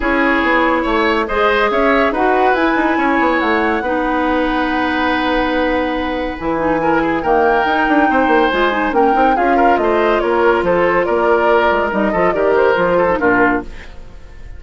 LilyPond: <<
  \new Staff \with { instrumentName = "flute" } { \time 4/4 \tempo 4 = 141 cis''2. dis''4 | e''4 fis''4 gis''2 | fis''1~ | fis''2. gis''4~ |
gis''4 g''2. | gis''4 g''4 f''4 dis''4 | cis''4 c''4 d''2 | dis''4 d''8 c''4. ais'4 | }
  \new Staff \with { instrumentName = "oboe" } { \time 4/4 gis'2 cis''4 c''4 | cis''4 b'2 cis''4~ | cis''4 b'2.~ | b'1 |
ais'8 gis'8 ais'2 c''4~ | c''4 ais'4 gis'8 ais'8 c''4 | ais'4 a'4 ais'2~ | ais'8 a'8 ais'4. a'8 f'4 | }
  \new Staff \with { instrumentName = "clarinet" } { \time 4/4 e'2. gis'4~ | gis'4 fis'4 e'2~ | e'4 dis'2.~ | dis'2. e'8 dis'8 |
e'4 ais4 dis'2 | f'8 dis'8 cis'8 dis'8 f'2~ | f'1 | dis'8 f'8 g'4 f'8. dis'16 d'4 | }
  \new Staff \with { instrumentName = "bassoon" } { \time 4/4 cis'4 b4 a4 gis4 | cis'4 dis'4 e'8 dis'8 cis'8 b8 | a4 b2.~ | b2. e4~ |
e4 dis4 dis'8 d'8 c'8 ais8 | gis4 ais8 c'8 cis'4 a4 | ais4 f4 ais4. gis8 | g8 f8 dis4 f4 ais,4 | }
>>